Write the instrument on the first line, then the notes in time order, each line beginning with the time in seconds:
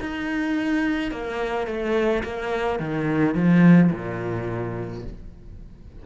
cello
0.00 D#4
1.11 A#3
1.67 A3
2.23 A#3
2.79 D#3
3.35 F3
3.92 A#2